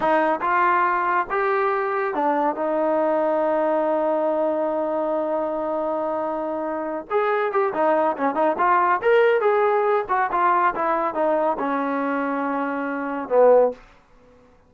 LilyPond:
\new Staff \with { instrumentName = "trombone" } { \time 4/4 \tempo 4 = 140 dis'4 f'2 g'4~ | g'4 d'4 dis'2~ | dis'1~ | dis'1~ |
dis'8 gis'4 g'8 dis'4 cis'8 dis'8 | f'4 ais'4 gis'4. fis'8 | f'4 e'4 dis'4 cis'4~ | cis'2. b4 | }